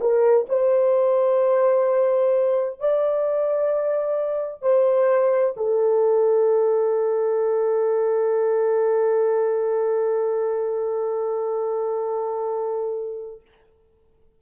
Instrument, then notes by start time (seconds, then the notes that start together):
horn
0.00 A#4
0.49 C5
2.79 D5
4.62 C5
5.56 A4